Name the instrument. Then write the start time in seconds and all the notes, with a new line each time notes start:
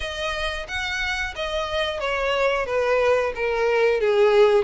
violin
0.00 D#5
0.68 F#5
1.35 D#5
1.99 C#5
2.66 B4
3.35 A#4
4.00 G#4